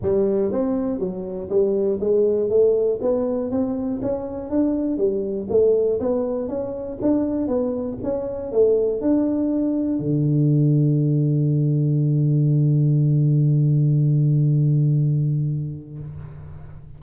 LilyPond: \new Staff \with { instrumentName = "tuba" } { \time 4/4 \tempo 4 = 120 g4 c'4 fis4 g4 | gis4 a4 b4 c'4 | cis'4 d'4 g4 a4 | b4 cis'4 d'4 b4 |
cis'4 a4 d'2 | d1~ | d1~ | d1 | }